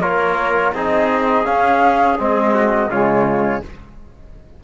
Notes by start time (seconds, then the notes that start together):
0.00 A#3 F4 A#4 C#5
0.75 C4 D#4 G#4 D#5
1.45 C#4 F5
2.18 G#3 C4 D#5
2.54 F#4
2.89 C#3 G#3 F4 C#5